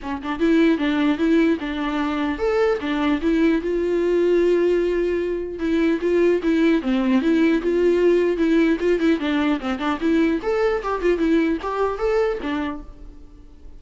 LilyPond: \new Staff \with { instrumentName = "viola" } { \time 4/4 \tempo 4 = 150 cis'8 d'8 e'4 d'4 e'4 | d'2 a'4 d'4 | e'4 f'2.~ | f'2 e'4 f'4 |
e'4 c'4 e'4 f'4~ | f'4 e'4 f'8 e'8 d'4 | c'8 d'8 e'4 a'4 g'8 f'8 | e'4 g'4 a'4 d'4 | }